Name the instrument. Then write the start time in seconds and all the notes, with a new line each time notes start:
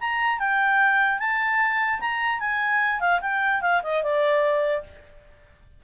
clarinet
0.00 A#5
0.39 G5
1.19 A5
2.00 A#5
2.40 G#5
3.00 F5
3.21 G5
3.61 F5
3.83 D#5
4.03 D5